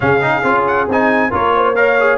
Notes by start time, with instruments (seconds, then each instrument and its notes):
0.00 tuba C#3, trombone C#4, horn G#4, trumpet F5
0.21 trombone D#4
0.43 tuba C#4, trombone F4
0.67 trumpet F#5
0.88 tuba C4, trombone D#4, trumpet G#5
1.30 tuba A#3, trombone F4, horn A#4, trumpet C#5
1.55 horn C5
1.75 trombone A#4, horn C#5, trumpet F5
2.00 trombone G#4